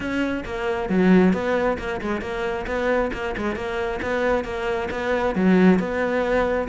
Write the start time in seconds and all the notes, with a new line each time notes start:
0.00 C#4
0.45 A#3
0.89 F#3
1.33 B3
1.78 A#3
2.01 G#3
2.21 A#3
2.66 B3
3.13 A#3
3.37 G#3
3.55 A#3
4.02 B3
4.44 A#3
4.91 B3
5.35 F#3
5.79 B3